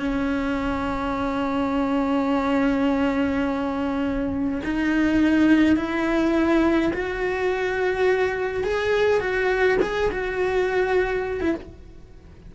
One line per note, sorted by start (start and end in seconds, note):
0.00 4.62 C#4
4.64 5.77 D#4
5.77 6.92 E4
6.94 8.64 F#4
8.64 9.20 G#4
9.20 9.78 F#4
9.82 10.11 G#4
10.11 11.41 F#4
11.41 11.55 E4